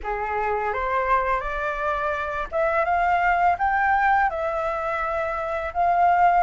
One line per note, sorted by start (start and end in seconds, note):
0.03 0.73 G#4
0.73 1.40 C5
1.40 2.47 D5
2.51 2.84 E5
2.84 3.56 F5
3.58 4.30 G5
4.30 5.72 E5
5.73 6.43 F5